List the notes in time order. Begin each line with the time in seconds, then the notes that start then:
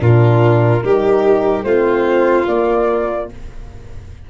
0.00 A#2 D4 F4 A#4
0.83 G3 D#4 G4
1.64 A3 C4 F4 C5
2.47 A#3 D5